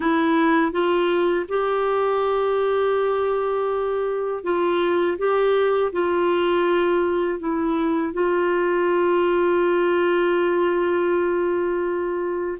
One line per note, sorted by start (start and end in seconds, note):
0.00 0.72 E4
0.72 1.46 F4
1.48 4.43 G4
4.43 5.17 F4
5.18 5.92 G4
5.92 7.39 F4
7.39 8.13 E4
8.13 12.57 F4